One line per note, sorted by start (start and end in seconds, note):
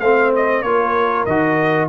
0.00 0.62 A3
0.00 0.65 C4
0.00 0.64 C5
0.00 0.31 F5
0.36 0.62 D#5
0.62 1.25 A#3
0.62 1.27 F4
0.62 1.89 A#4
0.62 1.25 C#5
1.25 1.89 D#3
1.25 1.89 F#4
1.25 1.88 D#5